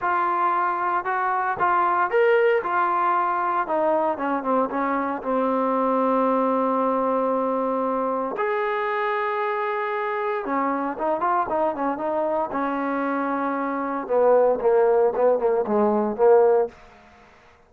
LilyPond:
\new Staff \with { instrumentName = "trombone" } { \time 4/4 \tempo 4 = 115 f'2 fis'4 f'4 | ais'4 f'2 dis'4 | cis'8 c'8 cis'4 c'2~ | c'1 |
gis'1 | cis'4 dis'8 f'8 dis'8 cis'8 dis'4 | cis'2. b4 | ais4 b8 ais8 gis4 ais4 | }